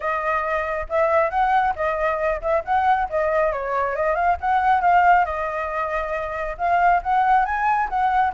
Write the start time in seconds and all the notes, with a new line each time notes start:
0.00 D#5
0.89 E5
1.30 F#5
1.75 D#5
2.41 E5
2.64 F#5
3.09 D#5
3.52 C#5
3.95 D#5
4.15 F5
4.40 F#5
4.81 F5
5.25 D#5
6.57 F5
7.02 F#5
7.45 G#5
7.89 F#5